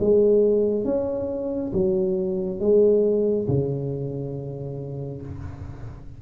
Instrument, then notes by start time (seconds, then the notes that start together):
tuba
0.00 G#3
0.85 C#4
1.73 F#3
2.60 G#3
3.48 C#3